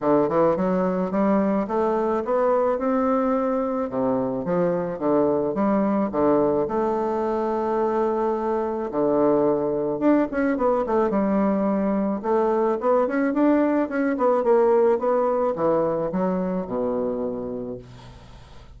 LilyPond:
\new Staff \with { instrumentName = "bassoon" } { \time 4/4 \tempo 4 = 108 d8 e8 fis4 g4 a4 | b4 c'2 c4 | f4 d4 g4 d4 | a1 |
d2 d'8 cis'8 b8 a8 | g2 a4 b8 cis'8 | d'4 cis'8 b8 ais4 b4 | e4 fis4 b,2 | }